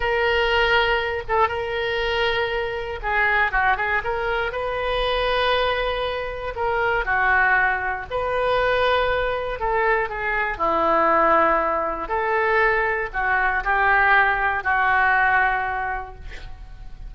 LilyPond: \new Staff \with { instrumentName = "oboe" } { \time 4/4 \tempo 4 = 119 ais'2~ ais'8 a'8 ais'4~ | ais'2 gis'4 fis'8 gis'8 | ais'4 b'2.~ | b'4 ais'4 fis'2 |
b'2. a'4 | gis'4 e'2. | a'2 fis'4 g'4~ | g'4 fis'2. | }